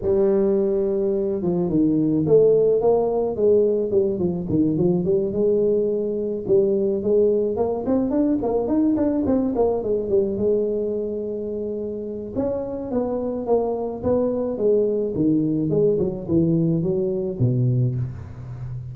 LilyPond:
\new Staff \with { instrumentName = "tuba" } { \time 4/4 \tempo 4 = 107 g2~ g8 f8 dis4 | a4 ais4 gis4 g8 f8 | dis8 f8 g8 gis2 g8~ | g8 gis4 ais8 c'8 d'8 ais8 dis'8 |
d'8 c'8 ais8 gis8 g8 gis4.~ | gis2 cis'4 b4 | ais4 b4 gis4 dis4 | gis8 fis8 e4 fis4 b,4 | }